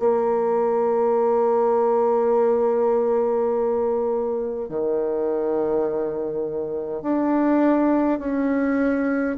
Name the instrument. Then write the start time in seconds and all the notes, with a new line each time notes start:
bassoon
0.00 A#3
4.69 D#3
7.03 D4
8.19 C#4